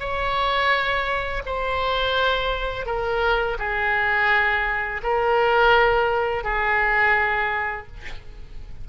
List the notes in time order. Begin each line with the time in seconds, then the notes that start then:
0.00 C#5
1.46 C5
2.86 A#4
3.59 G#4
5.03 A#4
6.44 G#4